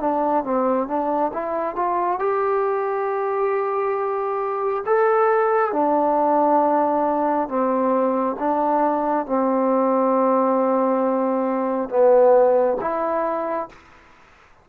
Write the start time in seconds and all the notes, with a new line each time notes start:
0.00 D4
0.44 C4
0.88 D4
1.34 E4
1.76 F4
2.19 G4
4.86 A4
5.73 D4
7.48 C4
8.39 D4
9.26 C4
11.89 B3
12.81 E4